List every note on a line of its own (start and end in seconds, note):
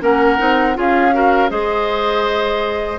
0.00 0.39 A#3
0.00 0.38 C#4
0.00 0.77 A#4
0.00 0.78 F#5
0.38 0.77 C4
0.38 0.74 D#4
0.74 1.50 C#4
0.74 1.12 F4
0.74 1.15 G#4
0.74 1.50 F5
1.12 1.49 F#4
1.12 1.50 A#4
1.49 2.99 G#3
1.49 2.99 G#4
1.49 2.99 C5
1.49 2.99 D#5